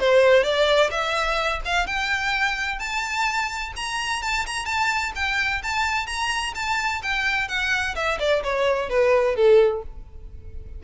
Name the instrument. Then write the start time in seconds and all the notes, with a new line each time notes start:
violin
0.00 C5
0.44 D5
0.91 E5
1.65 F5
1.87 G5
2.79 A5
3.76 A#5
4.23 A5
4.47 A#5
4.66 A5
5.16 G5
5.63 A5
6.07 A#5
6.55 A5
7.03 G5
7.49 F#5
7.96 E5
8.20 D5
8.44 C#5
8.90 B4
9.36 A4